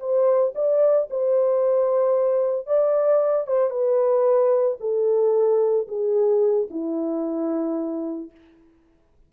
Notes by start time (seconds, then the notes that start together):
0.00 C5
0.56 D5
1.11 C5
2.67 D5
3.47 C5
3.71 B4
4.80 A4
5.88 G#4
6.71 E4